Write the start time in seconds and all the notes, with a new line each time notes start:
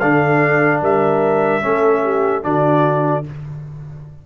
0.00 D3 D4 A4 F5
0.82 G3 A#4 E5
1.62 A3 C#4 A4
2.03 G4
2.43 D3 D4 F#4 D5